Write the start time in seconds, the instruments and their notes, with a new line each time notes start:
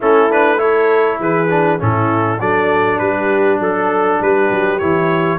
0.00 tuba A3, trombone C#4, horn E4, trumpet A4
0.30 trombone D4, trumpet B4
0.57 trombone E4, horn A4, trumpet C#5
1.19 tuba E3, horn G#4, trumpet B4
1.50 trombone D4
1.78 tuba A2, trombone C#4, horn E4, trumpet A4
2.39 tuba F#3, trombone D4, horn A4, trumpet D5
2.98 tuba G3, horn G4, trumpet B4
3.59 tuba F#3, horn A4, trumpet A4
4.19 tuba G3, horn G4, trumpet B4
4.50 tuba F#3
4.78 tuba E3, trombone E4, trumpet C#5